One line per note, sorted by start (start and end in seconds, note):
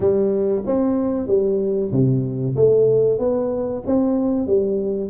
0.00 0.62 G3
0.66 1.27 C4
1.27 1.91 G3
1.91 2.55 C3
2.56 3.19 A3
3.19 3.82 B3
3.86 4.46 C4
4.46 5.09 G3